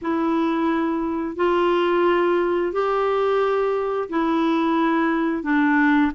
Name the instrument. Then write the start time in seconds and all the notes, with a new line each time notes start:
clarinet
0.01 E4
1.36 F4
2.72 G4
4.09 E4
5.43 D4